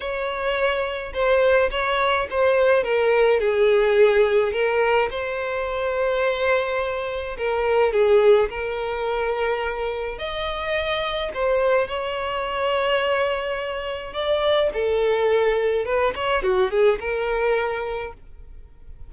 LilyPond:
\new Staff \with { instrumentName = "violin" } { \time 4/4 \tempo 4 = 106 cis''2 c''4 cis''4 | c''4 ais'4 gis'2 | ais'4 c''2.~ | c''4 ais'4 gis'4 ais'4~ |
ais'2 dis''2 | c''4 cis''2.~ | cis''4 d''4 a'2 | b'8 cis''8 fis'8 gis'8 ais'2 | }